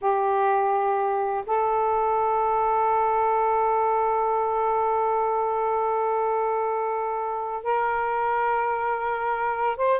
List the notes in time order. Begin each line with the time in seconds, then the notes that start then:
0.01 G4
1.46 A4
7.63 A#4
9.76 C5